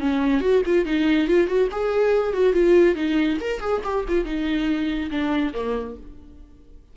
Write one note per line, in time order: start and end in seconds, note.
0.00 0.41 C#4
0.41 0.62 F#4
0.66 0.85 F4
0.85 1.28 D#4
1.28 1.47 F4
1.47 1.69 F#4
1.72 2.33 G#4
2.33 2.54 F#4
2.54 2.96 F4
2.96 3.38 D#4
3.41 3.61 A#4
3.61 3.82 G#4
3.84 4.05 G4
4.09 4.25 F4
4.25 5.10 D#4
5.11 5.54 D4
5.54 5.96 A#3